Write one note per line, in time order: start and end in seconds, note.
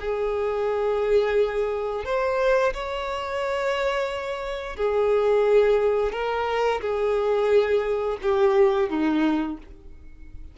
0.00 2.05 G#4
2.05 2.73 C5
2.74 4.76 C#5
4.76 6.13 G#4
6.13 6.81 A#4
6.81 8.18 G#4
8.22 8.89 G4
8.89 9.58 D#4